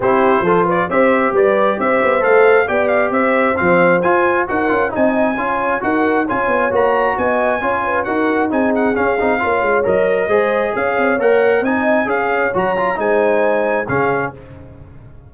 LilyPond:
<<
  \new Staff \with { instrumentName = "trumpet" } { \time 4/4 \tempo 4 = 134 c''4. d''8 e''4 d''4 | e''4 f''4 g''8 f''8 e''4 | f''4 gis''4 fis''4 gis''4~ | gis''4 fis''4 gis''4 ais''4 |
gis''2 fis''4 gis''8 fis''8 | f''2 dis''2 | f''4 fis''4 gis''4 f''4 | ais''4 gis''2 f''4 | }
  \new Staff \with { instrumentName = "horn" } { \time 4/4 g'4 a'8 b'8 c''4 b'4 | c''2 d''4 c''4~ | c''2 ais'4 dis''4 | cis''4 ais'4 cis''2 |
dis''4 cis''8 b'8 ais'4 gis'4~ | gis'4 cis''2 c''4 | cis''2 dis''4 cis''4~ | cis''4 c''2 gis'4 | }
  \new Staff \with { instrumentName = "trombone" } { \time 4/4 e'4 f'4 g'2~ | g'4 a'4 g'2 | c'4 f'4 fis'8 f'8 dis'4 | f'4 fis'4 f'4 fis'4~ |
fis'4 f'4 fis'4 dis'4 | cis'8 dis'8 f'4 ais'4 gis'4~ | gis'4 ais'4 dis'4 gis'4 | fis'8 f'8 dis'2 cis'4 | }
  \new Staff \with { instrumentName = "tuba" } { \time 4/4 c'4 f4 c'4 g4 | c'8 b8 a4 b4 c'4 | f4 f'4 dis'8 cis'8 c'4 | cis'4 dis'4 cis'8 b8 ais4 |
b4 cis'4 dis'4 c'4 | cis'8 c'8 ais8 gis8 fis4 gis4 | cis'8 c'8 ais4 c'4 cis'4 | fis4 gis2 cis4 | }
>>